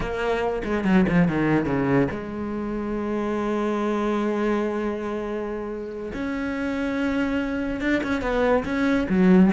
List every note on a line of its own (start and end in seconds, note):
0.00 0.62 A#3
0.63 0.84 G#3
0.84 1.05 F#3
1.08 1.28 F3
1.28 1.65 D#3
1.65 2.08 C#3
2.10 6.12 G#3
6.13 7.80 C#4
7.80 8.01 D4
8.03 8.21 C#4
8.21 8.64 B3
8.64 9.07 C#4
9.09 9.51 F#3